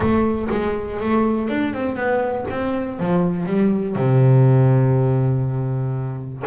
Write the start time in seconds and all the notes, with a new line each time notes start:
0.00 A3
0.50 G#3
1.00 A3
1.49 D4
1.73 C4
1.95 B3
2.50 C4
2.99 F3
3.46 G3
3.95 C3